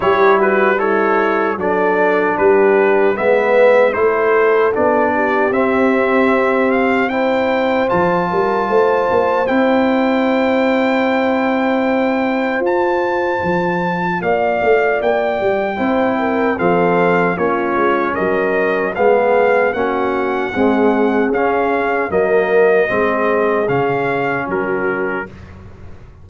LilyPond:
<<
  \new Staff \with { instrumentName = "trumpet" } { \time 4/4 \tempo 4 = 76 cis''8 b'8 cis''4 d''4 b'4 | e''4 c''4 d''4 e''4~ | e''8 f''8 g''4 a''2 | g''1 |
a''2 f''4 g''4~ | g''4 f''4 cis''4 dis''4 | f''4 fis''2 f''4 | dis''2 f''4 ais'4 | }
  \new Staff \with { instrumentName = "horn" } { \time 4/4 g'8 fis'8 e'4 a'4 g'4 | b'4 a'4. g'4.~ | g'4 c''4. ais'8 c''4~ | c''1~ |
c''2 d''2 | c''8 ais'8 a'4 f'4 ais'4 | gis'4 fis'4 gis'2 | ais'4 gis'2 fis'4 | }
  \new Staff \with { instrumentName = "trombone" } { \time 4/4 e'4 a'4 d'2 | b4 e'4 d'4 c'4~ | c'4 e'4 f'2 | e'1 |
f'1 | e'4 c'4 cis'2 | b4 cis'4 gis4 cis'4 | ais4 c'4 cis'2 | }
  \new Staff \with { instrumentName = "tuba" } { \time 4/4 g2 fis4 g4 | gis4 a4 b4 c'4~ | c'2 f8 g8 a8 ais8 | c'1 |
f'4 f4 ais8 a8 ais8 g8 | c'4 f4 ais8 gis8 fis4 | gis4 ais4 c'4 cis'4 | fis4 gis4 cis4 fis4 | }
>>